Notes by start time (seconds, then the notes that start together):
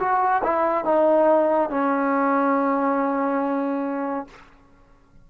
0.00 F#4
0.44 E4
0.85 D#4
1.70 C#4